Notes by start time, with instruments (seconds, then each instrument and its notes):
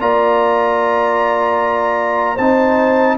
0.00 tuba A#3, trombone F4, horn D5, trumpet A#5
2.35 tuba C4, trombone D#4, horn C5, trumpet A5